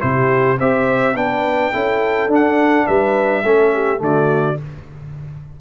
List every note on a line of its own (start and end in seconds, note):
0.00 0.60 C3
0.00 0.57 E4
0.00 0.58 G4
0.00 0.58 C5
0.58 1.14 C4
0.58 1.15 G4
0.58 1.15 C5
0.58 1.16 E5
1.14 1.71 B3
1.14 1.72 D4
1.14 1.72 B4
1.14 2.30 G5
1.72 2.27 C#4
1.72 2.29 E4
1.72 2.86 A4
2.27 2.85 D4
2.27 3.44 D4
2.34 2.87 F#5
2.86 3.44 G3
2.86 3.43 B4
2.86 4.01 E5
3.44 4.00 A3
3.44 3.98 C#4
3.44 3.73 A4
3.73 4.02 G4
3.98 4.57 D3
3.98 4.55 A3
3.98 4.59 F#4
3.98 4.60 D5